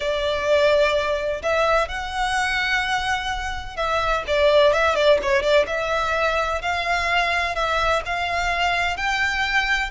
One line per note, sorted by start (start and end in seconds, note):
0.00 1.42 D5
1.42 1.88 E5
1.88 3.76 F#5
3.76 4.23 E5
4.27 4.72 D5
4.72 4.95 E5
4.95 5.18 D5
5.22 5.42 C#5
5.42 5.66 D5
5.66 6.61 E5
6.61 7.55 F5
7.55 8.02 E5
8.05 8.97 F5
8.97 9.90 G5